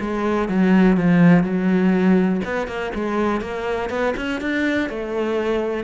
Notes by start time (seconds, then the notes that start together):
0.00 G#3
0.49 F#3
0.97 F3
1.43 F#3
2.44 B3
2.67 A#3
2.95 G#3
3.41 A#3
3.90 B3
4.16 C#4
4.41 D4
4.89 A3